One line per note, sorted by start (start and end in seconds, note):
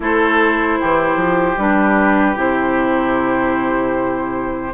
0.00 0.78 A3
0.00 1.57 E4
0.00 0.79 A4
0.00 1.58 C5
0.79 1.16 E3
0.79 4.74 G4
1.16 1.56 F3
1.56 2.35 G3
1.56 2.35 D4
1.56 2.37 B4
2.35 4.72 C3
2.35 4.72 E4
2.35 4.74 C5